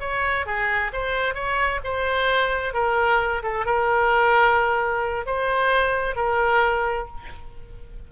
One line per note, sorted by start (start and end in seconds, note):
0.00 0.46 C#5
0.46 0.92 G#4
0.93 1.34 C5
1.34 1.80 C#5
1.84 2.74 C5
2.74 3.42 A#4
3.43 3.66 A4
3.66 5.26 A#4
5.26 6.16 C5
6.16 7.07 A#4